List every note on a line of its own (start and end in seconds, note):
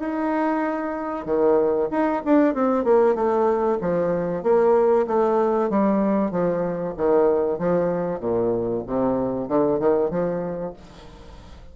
0.00 1.26 D#4
1.26 1.89 D#3
1.91 2.23 D#4
2.25 2.55 D4
2.55 2.84 C4
2.84 3.15 A#3
3.15 3.78 A3
3.82 4.43 F3
4.43 5.06 A#3
5.07 5.70 A3
5.70 6.32 G3
6.32 6.95 F3
6.97 7.59 D#3
7.59 8.20 F3
8.20 8.83 A#2
8.87 9.49 C3
9.49 9.80 D3
9.80 10.11 D#3
10.11 10.74 F3